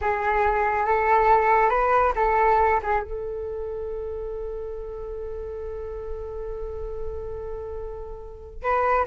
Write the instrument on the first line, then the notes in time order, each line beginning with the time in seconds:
flute
0.01 G#4
0.85 A4
1.69 B4
2.15 A4
2.82 G#4
3.02 A4
8.62 B4